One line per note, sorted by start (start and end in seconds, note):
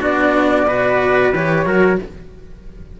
0.00 0.66 B3
0.00 0.66 D4
0.00 0.66 F#4
0.00 1.34 D5
0.66 1.32 B2
0.66 1.33 F#4
0.66 1.65 B4
1.34 1.65 E3
1.34 1.65 G4
1.34 2.00 C#5
1.65 1.98 F#3
1.65 1.98 F#4
1.65 1.99 A#4